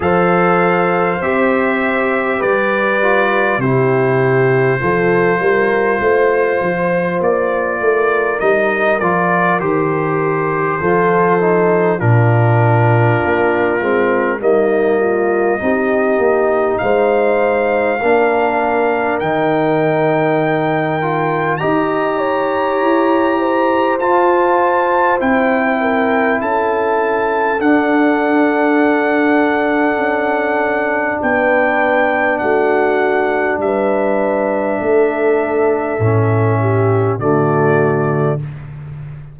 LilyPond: <<
  \new Staff \with { instrumentName = "trumpet" } { \time 4/4 \tempo 4 = 50 f''4 e''4 d''4 c''4~ | c''2 d''4 dis''8 d''8 | c''2 ais'2 | dis''2 f''2 |
g''2 ais''2 | a''4 g''4 a''4 fis''4~ | fis''2 g''4 fis''4 | e''2. d''4 | }
  \new Staff \with { instrumentName = "horn" } { \time 4/4 c''2 b'4 g'4 | a'8 ais'8 c''4. ais'4.~ | ais'4 a'4 f'2 | dis'8 f'8 g'4 c''4 ais'4~ |
ais'2 dis''8 cis''4 c''8~ | c''4. ais'8 a'2~ | a'2 b'4 fis'4 | b'4 a'4. g'8 fis'4 | }
  \new Staff \with { instrumentName = "trombone" } { \time 4/4 a'4 g'4. f'8 e'4 | f'2. dis'8 f'8 | g'4 f'8 dis'8 d'4. c'8 | ais4 dis'2 d'4 |
dis'4. f'8 g'2 | f'4 e'2 d'4~ | d'1~ | d'2 cis'4 a4 | }
  \new Staff \with { instrumentName = "tuba" } { \time 4/4 f4 c'4 g4 c4 | f8 g8 a8 f8 ais8 a8 g8 f8 | dis4 f4 ais,4 ais8 gis8 | g4 c'8 ais8 gis4 ais4 |
dis2 dis'4 e'4 | f'4 c'4 cis'4 d'4~ | d'4 cis'4 b4 a4 | g4 a4 a,4 d4 | }
>>